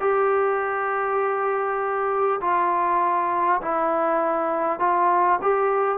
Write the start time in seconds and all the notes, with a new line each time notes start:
0.00 G4
2.41 F4
3.62 E4
4.79 F4
5.42 G4